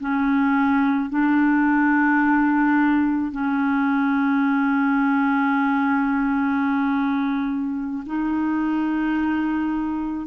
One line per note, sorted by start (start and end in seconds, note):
0.00 1.10 C#4
1.10 3.31 D4
3.31 8.04 C#4
8.06 10.27 D#4